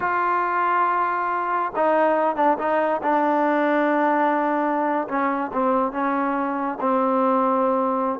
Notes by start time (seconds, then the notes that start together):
0.00 F4
1.75 D#4
2.36 D4
2.58 D#4
3.02 D4
5.08 C#4
5.53 C4
5.92 C#4
6.80 C4